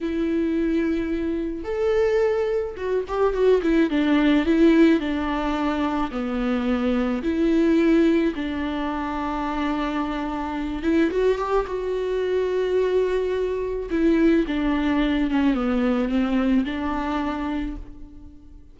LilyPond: \new Staff \with { instrumentName = "viola" } { \time 4/4 \tempo 4 = 108 e'2. a'4~ | a'4 fis'8 g'8 fis'8 e'8 d'4 | e'4 d'2 b4~ | b4 e'2 d'4~ |
d'2.~ d'8 e'8 | fis'8 g'8 fis'2.~ | fis'4 e'4 d'4. cis'8 | b4 c'4 d'2 | }